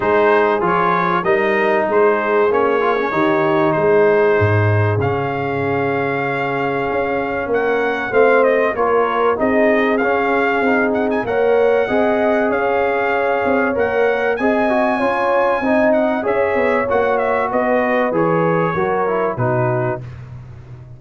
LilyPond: <<
  \new Staff \with { instrumentName = "trumpet" } { \time 4/4 \tempo 4 = 96 c''4 cis''4 dis''4 c''4 | cis''2 c''2 | f''1 | fis''4 f''8 dis''8 cis''4 dis''4 |
f''4. fis''16 gis''16 fis''2 | f''2 fis''4 gis''4~ | gis''4. fis''8 e''4 fis''8 e''8 | dis''4 cis''2 b'4 | }
  \new Staff \with { instrumentName = "horn" } { \time 4/4 gis'2 ais'4 gis'4~ | gis'4 g'4 gis'2~ | gis'1 | ais'4 c''4 ais'4 gis'4~ |
gis'2 cis''4 dis''4 | cis''2. dis''4 | cis''4 dis''4 cis''2 | b'2 ais'4 fis'4 | }
  \new Staff \with { instrumentName = "trombone" } { \time 4/4 dis'4 f'4 dis'2 | cis'8 f'16 cis'16 dis'2. | cis'1~ | cis'4 c'4 f'4 dis'4 |
cis'4 dis'4 ais'4 gis'4~ | gis'2 ais'4 gis'8 fis'8 | f'4 dis'4 gis'4 fis'4~ | fis'4 gis'4 fis'8 e'8 dis'4 | }
  \new Staff \with { instrumentName = "tuba" } { \time 4/4 gis4 f4 g4 gis4 | ais4 dis4 gis4 gis,4 | cis2. cis'4 | ais4 a4 ais4 c'4 |
cis'4 c'4 ais4 c'4 | cis'4. c'8 ais4 c'4 | cis'4 c'4 cis'8 b8 ais4 | b4 e4 fis4 b,4 | }
>>